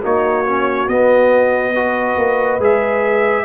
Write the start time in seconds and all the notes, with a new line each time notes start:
0.00 A#3 D#4 F#4 C#5
0.46 C#4
0.88 B3 D#5
1.73 F#4 B4
2.17 A#3
2.58 G#3 G#4 E5